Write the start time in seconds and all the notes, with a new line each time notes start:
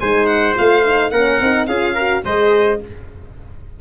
0.00 G#3 D#4 C5 G#5
0.26 F#5
0.55 A3 F4 F5
0.85 D#4
1.11 A#3 C#4 A#4 F#5
1.41 C4 D#4
1.66 C#4 F4 G#4 F5
1.95 F#4 A#4
2.24 G#3 G#4 C5 D#5